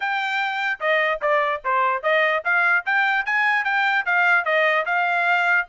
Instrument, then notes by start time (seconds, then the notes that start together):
trumpet
0.00 G5
0.80 D#5
1.21 D5
1.64 C5
2.02 D#5
2.44 F5
2.85 G5
3.25 G#5
3.64 G5
4.05 F5
4.44 D#5
4.85 F5